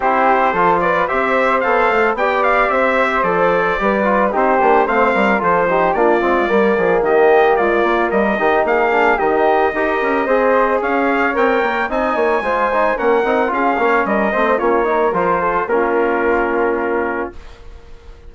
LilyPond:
<<
  \new Staff \with { instrumentName = "trumpet" } { \time 4/4 \tempo 4 = 111 c''4. d''8 e''4 f''4 | g''8 f''8 e''4 d''2 | c''4 f''4 c''4 d''4~ | d''4 dis''4 d''4 dis''4 |
f''4 dis''2. | f''4 g''4 gis''2 | fis''4 f''4 dis''4 cis''4 | c''4 ais'2. | }
  \new Staff \with { instrumentName = "flute" } { \time 4/4 g'4 a'8 b'8 c''2 | d''4 c''2 b'4 | g'4 c''8 ais'8 a'8 g'8 f'4 | ais'8 gis'8 g'4 f'4 ais'8 g'8 |
gis'4 g'4 ais'4 c''4 | cis''2 dis''8 cis''8 c''4 | ais'4 gis'8 cis''8 ais'8 c''8 f'8 ais'8~ | ais'8 a'8 f'2. | }
  \new Staff \with { instrumentName = "trombone" } { \time 4/4 e'4 f'4 g'4 a'4 | g'2 a'4 g'8 f'8 | dis'8 d'8 c'4 f'8 dis'8 d'8 c'8 | ais2.~ ais8 dis'8~ |
dis'8 d'8 dis'4 g'4 gis'4~ | gis'4 ais'4 dis'4 f'8 dis'8 | cis'8 dis'8 f'8 cis'4 c'8 cis'8 dis'8 | f'4 cis'2. | }
  \new Staff \with { instrumentName = "bassoon" } { \time 4/4 c'4 f4 c'4 b8 a8 | b4 c'4 f4 g4 | c'8 ais8 a8 g8 f4 ais8 gis8 | g8 f8 dis4 gis8 ais8 g8 dis8 |
ais4 dis4 dis'8 cis'8 c'4 | cis'4 c'8 ais8 c'8 ais8 gis4 | ais8 c'8 cis'8 ais8 g8 a8 ais4 | f4 ais2. | }
>>